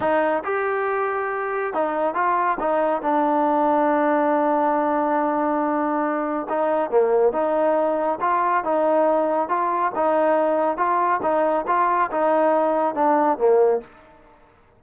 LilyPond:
\new Staff \with { instrumentName = "trombone" } { \time 4/4 \tempo 4 = 139 dis'4 g'2. | dis'4 f'4 dis'4 d'4~ | d'1~ | d'2. dis'4 |
ais4 dis'2 f'4 | dis'2 f'4 dis'4~ | dis'4 f'4 dis'4 f'4 | dis'2 d'4 ais4 | }